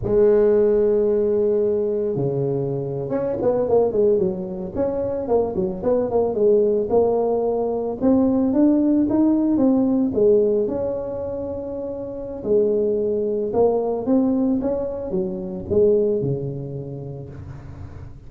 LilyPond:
\new Staff \with { instrumentName = "tuba" } { \time 4/4 \tempo 4 = 111 gis1 | cis4.~ cis16 cis'8 b8 ais8 gis8 fis16~ | fis8. cis'4 ais8 fis8 b8 ais8 gis16~ | gis8. ais2 c'4 d'16~ |
d'8. dis'4 c'4 gis4 cis'16~ | cis'2. gis4~ | gis4 ais4 c'4 cis'4 | fis4 gis4 cis2 | }